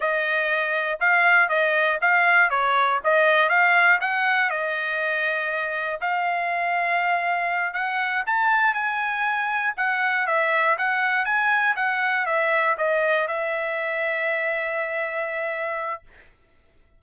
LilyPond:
\new Staff \with { instrumentName = "trumpet" } { \time 4/4 \tempo 4 = 120 dis''2 f''4 dis''4 | f''4 cis''4 dis''4 f''4 | fis''4 dis''2. | f''2.~ f''8 fis''8~ |
fis''8 a''4 gis''2 fis''8~ | fis''8 e''4 fis''4 gis''4 fis''8~ | fis''8 e''4 dis''4 e''4.~ | e''1 | }